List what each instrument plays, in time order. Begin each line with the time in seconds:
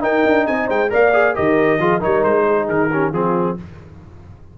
0.00 trombone D#4, tuba D#4, horn A#4, trumpet G5
0.25 tuba D4
0.46 tuba C4, horn D#5, trumpet G#5
0.67 tuba G#3, horn C5, trumpet G5
0.89 tuba A#3, trombone A#4, horn D5, trumpet F5
1.13 trombone G#4
1.35 tuba D#3, trombone G4, horn A#4, trumpet D#5
1.79 tuba F3, trombone F4, horn G#4
2.00 tuba G3, trombone D#4, horn A#4, trumpet C#5
2.23 tuba G#3, trumpet C5
2.46 horn G#4
2.69 tuba D#3, trumpet A#4
2.92 trombone C#4, horn G4
3.11 tuba F3, trombone C4, horn F4, trumpet G#4